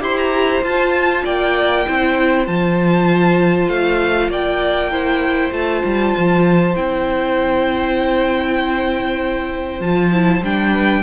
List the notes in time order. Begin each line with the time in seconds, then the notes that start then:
0.00 E4 G4 C5 C6
0.17 A#5
0.63 F4 A5
1.24 A#3 D5 G5
1.86 C4 E4 C5
2.46 F3 F4 A5
3.68 A3 F5
4.28 A#3 D5 G5
4.91 E4 C5
5.52 A3 F4 A5
5.85 G3
6.17 F3
6.75 C4 E4 G5
9.80 F3 F4 A5
10.12 E4
10.42 G3 D4 G5
10.72 B4